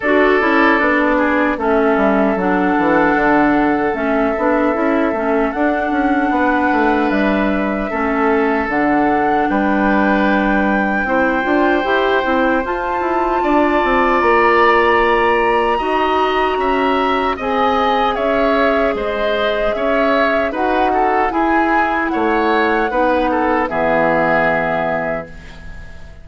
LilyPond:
<<
  \new Staff \with { instrumentName = "flute" } { \time 4/4 \tempo 4 = 76 d''2 e''4 fis''4~ | fis''4 e''2 fis''4~ | fis''4 e''2 fis''4 | g''1 |
a''2 ais''2~ | ais''2 gis''4 e''4 | dis''4 e''4 fis''4 gis''4 | fis''2 e''2 | }
  \new Staff \with { instrumentName = "oboe" } { \time 4/4 a'4. gis'8 a'2~ | a'1 | b'2 a'2 | b'2 c''2~ |
c''4 d''2. | dis''4 e''4 dis''4 cis''4 | c''4 cis''4 b'8 a'8 gis'4 | cis''4 b'8 a'8 gis'2 | }
  \new Staff \with { instrumentName = "clarinet" } { \time 4/4 fis'8 e'8 d'4 cis'4 d'4~ | d'4 cis'8 d'8 e'8 cis'8 d'4~ | d'2 cis'4 d'4~ | d'2 e'8 f'8 g'8 e'8 |
f'1 | fis'2 gis'2~ | gis'2 fis'4 e'4~ | e'4 dis'4 b2 | }
  \new Staff \with { instrumentName = "bassoon" } { \time 4/4 d'8 cis'8 b4 a8 g8 fis8 e8 | d4 a8 b8 cis'8 a8 d'8 cis'8 | b8 a8 g4 a4 d4 | g2 c'8 d'8 e'8 c'8 |
f'8 e'8 d'8 c'8 ais2 | dis'4 cis'4 c'4 cis'4 | gis4 cis'4 dis'4 e'4 | a4 b4 e2 | }
>>